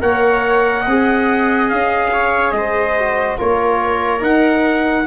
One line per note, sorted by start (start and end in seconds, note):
0.00 0.87 A#3
0.00 0.85 A#4
0.00 0.82 C#5
0.00 1.69 F#5
0.82 1.72 C4
0.82 2.08 D#5
0.89 3.00 G#4
1.69 2.52 C#4
1.69 2.52 F5
2.13 2.55 C#5
2.52 3.37 G#3
2.52 3.38 C5
2.52 3.37 D#5
3.00 3.39 F#4
3.38 4.22 A#3
3.38 4.20 F4
3.38 5.07 A#4
3.38 4.24 C#5
4.20 5.05 D#4
4.20 5.06 D#4
4.20 5.08 F#5